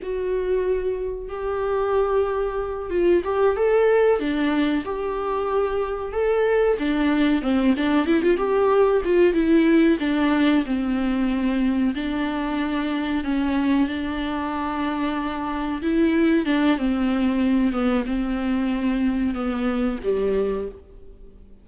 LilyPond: \new Staff \with { instrumentName = "viola" } { \time 4/4 \tempo 4 = 93 fis'2 g'2~ | g'8 f'8 g'8 a'4 d'4 g'8~ | g'4. a'4 d'4 c'8 | d'8 e'16 f'16 g'4 f'8 e'4 d'8~ |
d'8 c'2 d'4.~ | d'8 cis'4 d'2~ d'8~ | d'8 e'4 d'8 c'4. b8 | c'2 b4 g4 | }